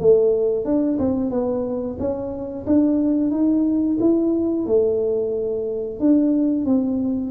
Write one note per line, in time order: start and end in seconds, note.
0.00 0.65 A3
0.65 0.98 D4
0.99 1.31 C4
1.31 1.98 B3
1.99 2.66 C#4
2.67 3.31 D4
3.31 3.98 D#4
4.00 4.66 E4
4.66 6.00 A3
6.00 6.65 D4
6.65 7.31 C4